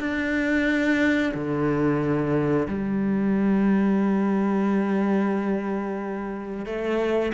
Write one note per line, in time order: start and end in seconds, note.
0.00 1.33 D4
1.35 2.68 D3
2.68 6.66 G3
6.66 7.33 A3